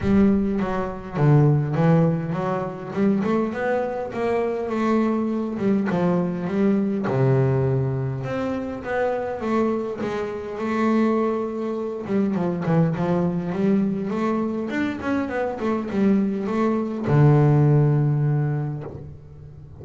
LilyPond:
\new Staff \with { instrumentName = "double bass" } { \time 4/4 \tempo 4 = 102 g4 fis4 d4 e4 | fis4 g8 a8 b4 ais4 | a4. g8 f4 g4 | c2 c'4 b4 |
a4 gis4 a2~ | a8 g8 f8 e8 f4 g4 | a4 d'8 cis'8 b8 a8 g4 | a4 d2. | }